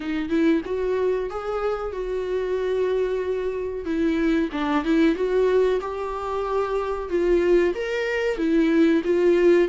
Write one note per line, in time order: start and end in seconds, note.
0.00 0.29 D#4
0.29 0.61 E4
0.65 1.29 F#4
1.30 1.92 G#4
1.92 3.85 F#4
3.85 4.49 E4
4.52 4.84 D4
4.84 5.15 E4
5.15 5.79 F#4
5.80 7.09 G4
7.09 7.74 F4
7.74 8.37 A#4
8.37 9.01 E4
9.04 9.68 F4